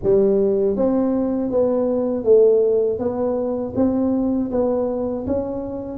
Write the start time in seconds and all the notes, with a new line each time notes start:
0.03 G3
0.76 C4
1.50 B3
2.23 A3
2.98 B3
3.75 C4
4.51 B3
5.26 C#4